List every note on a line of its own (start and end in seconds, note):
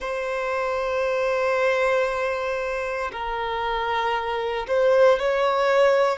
0.00 3.11 C5
3.11 4.66 A#4
4.67 5.19 C5
5.19 6.18 C#5